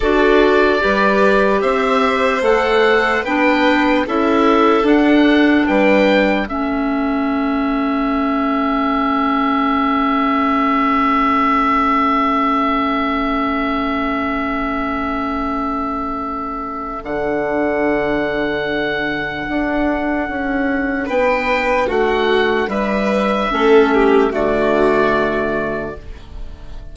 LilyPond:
<<
  \new Staff \with { instrumentName = "oboe" } { \time 4/4 \tempo 4 = 74 d''2 e''4 fis''4 | g''4 e''4 fis''4 g''4 | e''1~ | e''1~ |
e''1~ | e''4 fis''2.~ | fis''2 g''4 fis''4 | e''2 d''2 | }
  \new Staff \with { instrumentName = "violin" } { \time 4/4 a'4 b'4 c''2 | b'4 a'2 b'4 | a'1~ | a'1~ |
a'1~ | a'1~ | a'2 b'4 fis'4 | b'4 a'8 g'8 fis'2 | }
  \new Staff \with { instrumentName = "clarinet" } { \time 4/4 fis'4 g'2 a'4 | d'4 e'4 d'2 | cis'1~ | cis'1~ |
cis'1~ | cis'4 d'2.~ | d'1~ | d'4 cis'4 a2 | }
  \new Staff \with { instrumentName = "bassoon" } { \time 4/4 d'4 g4 c'4 a4 | b4 cis'4 d'4 g4 | a1~ | a1~ |
a1~ | a4 d2. | d'4 cis'4 b4 a4 | g4 a4 d2 | }
>>